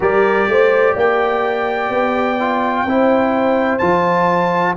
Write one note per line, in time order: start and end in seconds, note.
0.00 0.48 G3
0.00 2.36 G4
0.00 0.48 A#4
0.00 0.97 D5
0.48 0.95 A3
0.48 0.92 C5
0.92 1.89 A#3
0.92 2.83 D5
0.92 3.78 G5
1.89 2.83 B3
2.39 2.87 F4
2.83 3.78 C4
2.83 3.80 E4
2.83 4.74 C5
3.78 4.76 F3
3.78 4.75 F4
3.78 4.73 A5